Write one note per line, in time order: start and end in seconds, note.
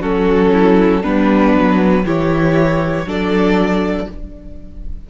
0.00 1.03 F#3
0.00 1.03 C#4
0.00 0.51 F#4
0.00 1.04 A4
0.53 1.01 E4
1.01 1.54 G3
1.01 2.05 B3
1.01 2.03 D4
1.01 2.05 B4
1.54 2.05 F#3
2.05 3.05 E3
2.05 3.06 E4
2.05 3.06 G4
2.05 3.08 C#5
3.05 4.07 F#3
3.05 4.08 D4
3.05 4.08 A4
3.05 4.10 D5